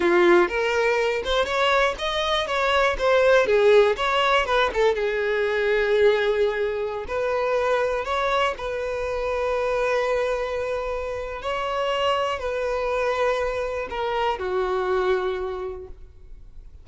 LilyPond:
\new Staff \with { instrumentName = "violin" } { \time 4/4 \tempo 4 = 121 f'4 ais'4. c''8 cis''4 | dis''4 cis''4 c''4 gis'4 | cis''4 b'8 a'8 gis'2~ | gis'2~ gis'16 b'4.~ b'16~ |
b'16 cis''4 b'2~ b'8.~ | b'2. cis''4~ | cis''4 b'2. | ais'4 fis'2. | }